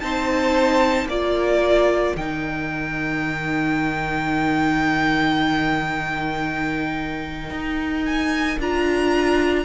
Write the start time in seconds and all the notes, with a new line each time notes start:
0.00 C4 D#4 C5 A5
1.05 A#3 F4 A#4 D5
2.16 D#3 D#4 G5
7.50 D#4
8.05 G#5
8.58 D4 F4 A#5